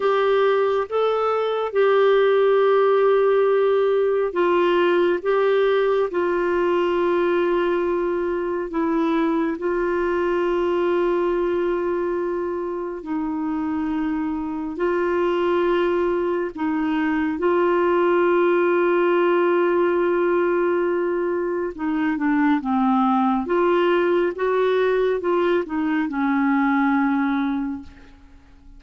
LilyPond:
\new Staff \with { instrumentName = "clarinet" } { \time 4/4 \tempo 4 = 69 g'4 a'4 g'2~ | g'4 f'4 g'4 f'4~ | f'2 e'4 f'4~ | f'2. dis'4~ |
dis'4 f'2 dis'4 | f'1~ | f'4 dis'8 d'8 c'4 f'4 | fis'4 f'8 dis'8 cis'2 | }